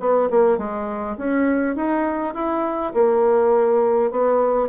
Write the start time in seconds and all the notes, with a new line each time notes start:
0.00 B3
0.30 A#3
0.58 G#3
1.18 C#4
1.76 D#4
2.34 E4
2.94 A#3
4.11 B3